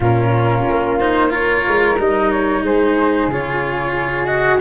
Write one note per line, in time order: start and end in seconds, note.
0.00 0.65 A#2
0.00 1.00 C#4
0.00 1.29 F4
0.00 0.99 A#4
0.69 1.67 A#3
0.99 1.29 D#4
0.99 1.32 C5
1.29 1.95 F4
1.29 2.62 A#4
1.29 1.99 C#5
1.67 1.99 G#3
1.99 2.62 G3
1.99 3.31 D#4
1.99 2.30 D#5
2.30 2.63 C#5
2.62 3.27 G#3
2.62 4.60 G#4
2.62 3.31 C5
3.27 4.59 C#3
3.27 4.26 F4
3.27 4.25 C#5
4.25 4.59 F#4
4.25 4.58 D#5